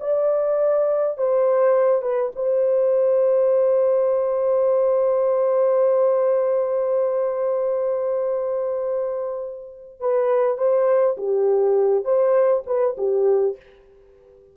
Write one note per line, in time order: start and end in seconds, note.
0.00 1.18 D5
1.18 2.02 C5
2.02 2.32 B4
2.36 10.00 C5
10.00 10.57 B4
10.57 11.16 C5
11.17 12.05 G4
12.05 12.63 C5
12.67 12.96 B4
12.98 13.57 G4